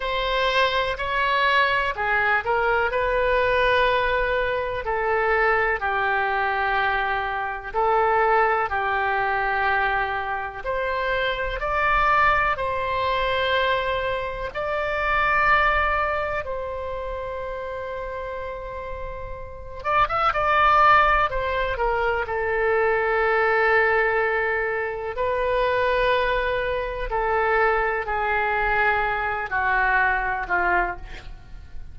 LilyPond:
\new Staff \with { instrumentName = "oboe" } { \time 4/4 \tempo 4 = 62 c''4 cis''4 gis'8 ais'8 b'4~ | b'4 a'4 g'2 | a'4 g'2 c''4 | d''4 c''2 d''4~ |
d''4 c''2.~ | c''8 d''16 e''16 d''4 c''8 ais'8 a'4~ | a'2 b'2 | a'4 gis'4. fis'4 f'8 | }